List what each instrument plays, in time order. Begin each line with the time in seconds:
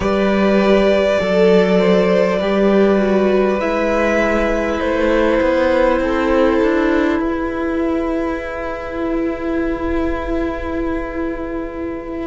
0.00 cello G3, viola G4, violin B4 D5
1.20 cello F#3, viola A4, violin A4
1.78 violin C5
2.39 cello G3, viola G4, violin B4
2.98 viola F#4
3.60 cello G#3, viola E4, violin E5
4.80 cello A3, violin C5
5.41 cello B3
6.00 cello C4, violin A4
6.62 cello D4
7.19 cello E4, violin G#4 B4